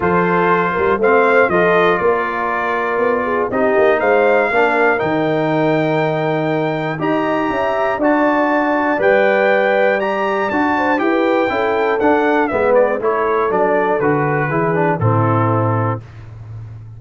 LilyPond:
<<
  \new Staff \with { instrumentName = "trumpet" } { \time 4/4 \tempo 4 = 120 c''2 f''4 dis''4 | d''2. dis''4 | f''2 g''2~ | g''2 ais''2 |
a''2 g''2 | ais''4 a''4 g''2 | fis''4 e''8 d''8 cis''4 d''4 | b'2 a'2 | }
  \new Staff \with { instrumentName = "horn" } { \time 4/4 a'4. ais'8 c''4 a'4 | ais'2~ ais'8 gis'8 g'4 | c''4 ais'2.~ | ais'2 dis''4 e''4 |
d''1~ | d''4. c''8 b'4 a'4~ | a'4 b'4 a'2~ | a'4 gis'4 e'2 | }
  \new Staff \with { instrumentName = "trombone" } { \time 4/4 f'2 c'4 f'4~ | f'2. dis'4~ | dis'4 d'4 dis'2~ | dis'2 g'2 |
fis'2 b'2 | g'4 fis'4 g'4 e'4 | d'4 b4 e'4 d'4 | fis'4 e'8 d'8 c'2 | }
  \new Staff \with { instrumentName = "tuba" } { \time 4/4 f4. g8 a4 f4 | ais2 b4 c'8 ais8 | gis4 ais4 dis2~ | dis2 dis'4 cis'4 |
d'2 g2~ | g4 d'4 e'4 cis'4 | d'4 gis4 a4 fis4 | d4 e4 a,2 | }
>>